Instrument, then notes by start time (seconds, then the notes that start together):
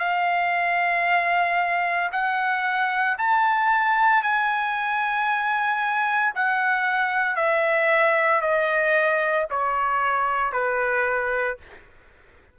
trumpet
0.00 F5
2.12 F#5
3.18 A5
4.23 G#5
6.35 F#5
7.36 E5
8.42 D#5
9.51 C#5
10.53 B4